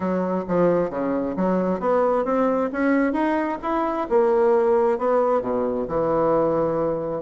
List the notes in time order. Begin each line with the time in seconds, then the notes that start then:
0.00 F#3
0.48 F3
0.90 C#3
1.36 F#3
1.80 B3
2.25 C4
2.72 C#4
3.13 D#4
3.62 E4
4.09 A#3
4.98 B3
5.41 B2
5.88 E3